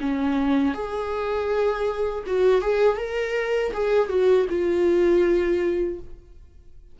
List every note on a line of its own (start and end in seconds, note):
0.00 0.74 C#4
0.74 2.24 G#4
2.26 2.61 F#4
2.61 2.97 G#4
2.97 3.72 A#4
3.73 4.08 G#4
4.08 4.46 F#4
4.49 5.99 F4